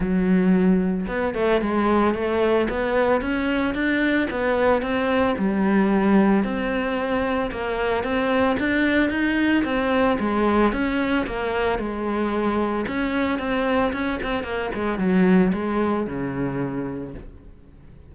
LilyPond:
\new Staff \with { instrumentName = "cello" } { \time 4/4 \tempo 4 = 112 fis2 b8 a8 gis4 | a4 b4 cis'4 d'4 | b4 c'4 g2 | c'2 ais4 c'4 |
d'4 dis'4 c'4 gis4 | cis'4 ais4 gis2 | cis'4 c'4 cis'8 c'8 ais8 gis8 | fis4 gis4 cis2 | }